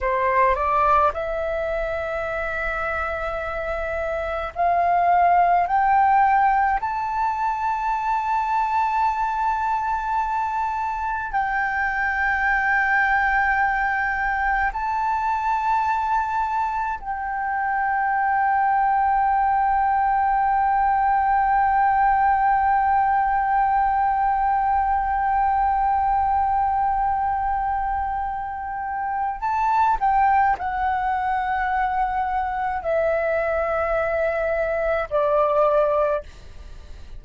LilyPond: \new Staff \with { instrumentName = "flute" } { \time 4/4 \tempo 4 = 53 c''8 d''8 e''2. | f''4 g''4 a''2~ | a''2 g''2~ | g''4 a''2 g''4~ |
g''1~ | g''1~ | g''2 a''8 g''8 fis''4~ | fis''4 e''2 d''4 | }